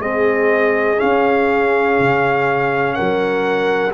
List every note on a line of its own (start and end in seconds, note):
0.00 0.98 G#3
0.00 0.97 C4
0.00 2.95 G#4
0.00 1.00 D#5
0.97 3.92 C#4
0.97 2.00 C#4
0.97 2.93 F5
2.00 2.98 C#3
2.93 3.94 A#4
2.93 3.92 F#5
3.00 3.94 F#3